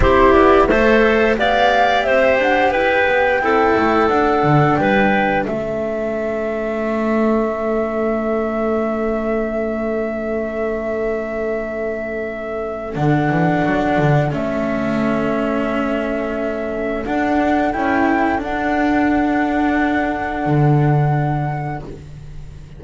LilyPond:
<<
  \new Staff \with { instrumentName = "flute" } { \time 4/4 \tempo 4 = 88 c''8 d''8 e''4 f''4 e''8 fis''8 | g''2 fis''4 g''4 | e''1~ | e''1~ |
e''2. fis''4~ | fis''4 e''2.~ | e''4 fis''4 g''4 fis''4~ | fis''1 | }
  \new Staff \with { instrumentName = "clarinet" } { \time 4/4 g'4 c''4 d''4 c''4 | b'4 a'2 b'4 | a'1~ | a'1~ |
a'1~ | a'1~ | a'1~ | a'1 | }
  \new Staff \with { instrumentName = "cello" } { \time 4/4 e'4 a'4 g'2~ | g'4 e'4 d'2 | cis'1~ | cis'1~ |
cis'2. d'4~ | d'4 cis'2.~ | cis'4 d'4 e'4 d'4~ | d'1 | }
  \new Staff \with { instrumentName = "double bass" } { \time 4/4 c'8 b8 a4 b4 c'8 d'8 | e'8 b8 c'8 a8 d'8 d8 g4 | a1~ | a1~ |
a2. d8 e8 | fis8 d8 a2.~ | a4 d'4 cis'4 d'4~ | d'2 d2 | }
>>